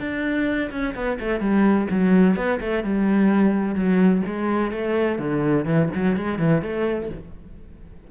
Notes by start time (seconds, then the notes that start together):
0.00 D4
0.72 C#4
0.95 B3
1.20 A3
1.40 G3
1.91 F#3
2.36 B3
2.61 A3
2.84 G3
3.75 F#3
4.26 G#3
4.72 A3
5.19 D3
5.65 E3
5.95 F#3
6.17 G#3
6.39 E3
6.63 A3